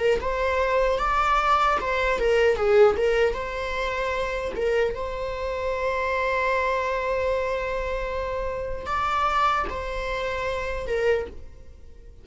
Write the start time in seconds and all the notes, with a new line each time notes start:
0.00 A#4
0.21 C5
0.99 D5
1.81 C5
2.20 A#4
2.57 G#4
2.97 A#4
3.34 C5
4.56 A#4
4.95 C5
8.86 D5
9.70 C5
10.87 A#4